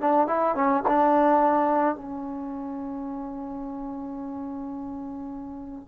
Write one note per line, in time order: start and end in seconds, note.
0.00 0.27 D4
0.27 0.55 E4
0.55 0.83 C#4
0.87 1.95 D4
1.95 5.88 C#4